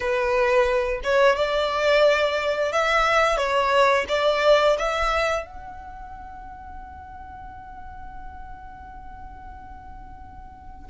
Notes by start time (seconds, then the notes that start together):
0.00 B4
1.03 C#5
1.35 D5
2.72 E5
3.37 C#5
4.08 D5
4.78 E5
5.46 F#5